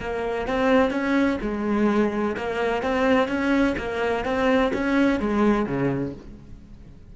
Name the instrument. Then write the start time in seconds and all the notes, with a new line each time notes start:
cello
0.00 A#3
0.47 C4
0.90 C#4
1.42 G#3
2.36 A#3
2.82 C4
3.28 C#4
3.78 A#3
4.25 C4
4.74 C#4
5.20 G#3
5.66 C#3